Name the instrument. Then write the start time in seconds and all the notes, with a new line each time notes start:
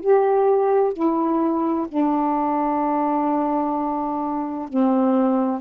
saxophone
0.00 G4
0.93 E4
1.88 D4
4.68 C4